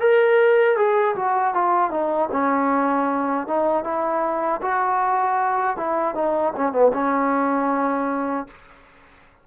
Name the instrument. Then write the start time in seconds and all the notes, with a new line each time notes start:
trombone
0.00 A#4
0.77 G#4
1.16 F#4
1.54 F4
1.91 D#4
2.32 C#4
3.48 D#4
3.84 E4
4.62 F#4
5.77 E4
6.15 D#4
6.57 C#4
6.73 B3
6.94 C#4